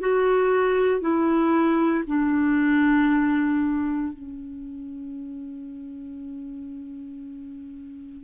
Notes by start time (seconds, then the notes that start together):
0.00 F#4
1.01 E4
2.07 D4
4.13 C#4